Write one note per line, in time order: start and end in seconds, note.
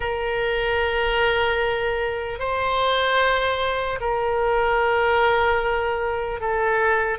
0.00 2.39 A#4
2.39 3.99 C5
4.00 6.40 A#4
6.40 7.18 A4